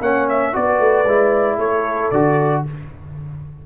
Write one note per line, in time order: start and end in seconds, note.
0.00 0.53 A#3
0.00 0.52 C#4
0.00 0.54 C#5
0.00 0.28 F#5
0.29 0.55 E5
0.52 0.79 B3
0.52 1.05 F#4
0.52 1.57 B4
0.52 1.59 D5
0.79 1.05 A3
1.05 1.57 G#3
1.05 2.13 E4
1.57 2.09 A3
1.57 2.62 A4
1.57 2.10 C#5
2.10 2.64 D3
2.10 2.66 F#4
2.10 2.63 D5